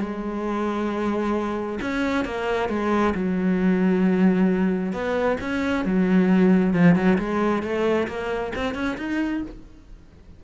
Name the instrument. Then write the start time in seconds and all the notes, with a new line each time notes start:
cello
0.00 G#3
1.82 C#4
2.26 A#3
2.69 G#3
3.15 F#3
4.93 B3
5.41 C#4
5.85 F#3
6.74 F3
6.96 F#3
7.18 G#3
7.63 A3
8.08 A#3
8.56 C4
8.75 C#4
8.98 D#4